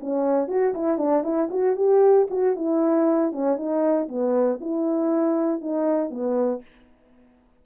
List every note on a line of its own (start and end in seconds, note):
0.00 0.48 C#4
0.48 0.73 F#4
0.74 0.98 E4
0.98 1.23 D4
1.23 1.49 E4
1.50 1.76 F#4
1.76 2.27 G4
2.30 2.55 F#4
2.55 3.32 E4
3.32 3.56 C#4
3.56 4.07 D#4
4.08 4.59 B3
4.60 5.61 E4
5.61 6.10 D#4
6.10 6.61 B3